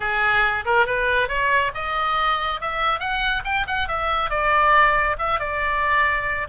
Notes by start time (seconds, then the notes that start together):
0.00 G#4
0.65 A#4
0.85 B4
1.28 C#5
1.74 D#5
2.60 E5
2.99 F#5
3.44 G5
3.67 F#5
3.88 E5
4.30 D5
5.18 E5
5.39 D5